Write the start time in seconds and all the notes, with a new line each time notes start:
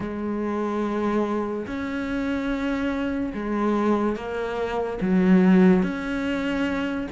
0.00 G#3
1.66 C#4
3.33 G#3
4.16 A#3
5.01 F#3
5.82 C#4